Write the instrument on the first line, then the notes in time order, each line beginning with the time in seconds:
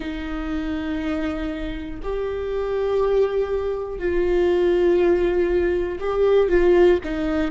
viola
0.00 D#4
2.02 G4
3.99 F4
6.00 G4
6.48 F4
7.04 D#4